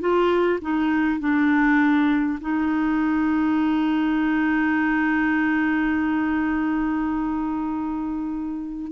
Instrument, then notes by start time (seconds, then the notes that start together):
clarinet
0.00 F4
0.61 D#4
1.20 D4
2.41 D#4